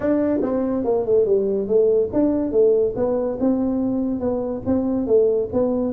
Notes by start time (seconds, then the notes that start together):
0.00 D4
0.41 C4
0.84 A#3
1.05 A3
1.25 G3
1.67 A3
2.12 D4
2.51 A3
2.96 B3
3.40 C4
4.19 B3
4.66 C4
5.06 A3
5.52 B3